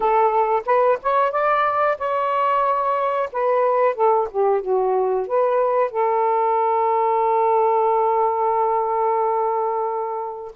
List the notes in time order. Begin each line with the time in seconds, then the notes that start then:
0.00 A4
0.65 B4
1.02 C#5
1.31 D5
1.98 C#5
3.32 B4
3.94 A4
4.30 G4
4.61 F#4
5.27 B4
5.90 A4